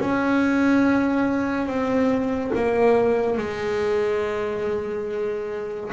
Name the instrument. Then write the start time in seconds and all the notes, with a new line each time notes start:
double bass
0.00 C#4
1.66 C4
2.55 A#3
3.37 G#3